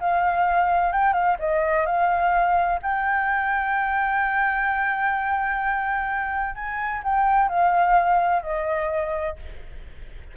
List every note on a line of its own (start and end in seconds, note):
0.00 0.92 F5
0.92 1.13 G5
1.13 1.37 F5
1.39 1.86 D#5
1.86 2.80 F5
2.82 6.55 G5
6.55 7.02 G#5
7.03 7.49 G5
7.49 8.42 F5
8.42 9.36 D#5